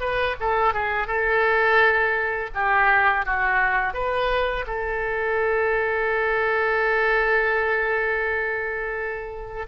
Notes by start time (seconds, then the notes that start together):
0.00 B4
0.40 A4
0.73 G#4
1.07 A4
2.54 G4
3.25 F#4
3.94 B4
4.67 A4